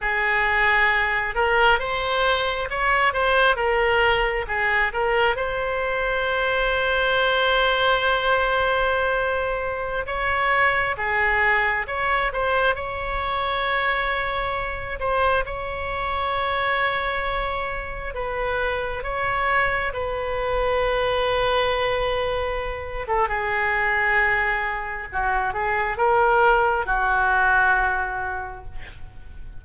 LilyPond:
\new Staff \with { instrumentName = "oboe" } { \time 4/4 \tempo 4 = 67 gis'4. ais'8 c''4 cis''8 c''8 | ais'4 gis'8 ais'8 c''2~ | c''2.~ c''16 cis''8.~ | cis''16 gis'4 cis''8 c''8 cis''4.~ cis''16~ |
cis''8. c''8 cis''2~ cis''8.~ | cis''16 b'4 cis''4 b'4.~ b'16~ | b'4.~ b'16 a'16 gis'2 | fis'8 gis'8 ais'4 fis'2 | }